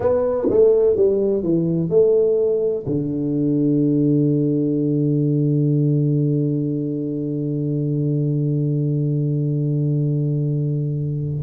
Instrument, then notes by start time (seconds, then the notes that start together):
tuba
0.00 B3
0.49 A3
0.96 G3
1.42 E3
1.89 A3
2.86 D3